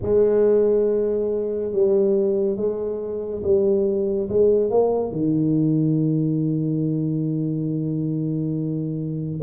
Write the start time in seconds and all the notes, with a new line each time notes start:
0.02 G#3
1.72 G3
2.56 G#3
3.43 G3
4.29 G#3
4.69 A#3
5.11 D#3